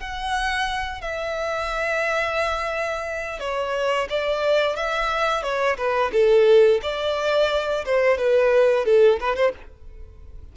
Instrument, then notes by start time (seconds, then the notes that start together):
violin
0.00 F#5
1.01 E5
3.40 C#5
4.10 D5
4.76 E5
5.43 C#5
5.77 B4
6.12 A4
6.82 D5
7.85 C5
8.18 B4
8.85 A4
9.20 B4
9.36 C5